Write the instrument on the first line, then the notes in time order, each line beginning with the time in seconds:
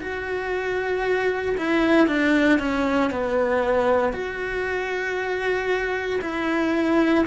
cello
0.00 F#4
1.57 E4
2.07 D4
2.59 C#4
3.10 B3
4.12 F#4
6.21 E4